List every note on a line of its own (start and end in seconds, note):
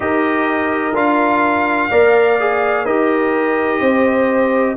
0.00 0.94 D#4
0.00 0.92 G4
0.00 1.89 A#4
0.00 0.95 D#5
0.94 1.89 D4
0.94 1.89 F4
0.94 2.85 F5
1.89 2.85 A#3
1.89 2.38 A#4
1.89 2.85 D5
2.39 2.86 G#4
2.85 3.80 D#4
2.85 4.76 G4
2.85 3.80 A#4
2.85 4.76 D#5
3.80 4.75 C4
3.80 4.75 C5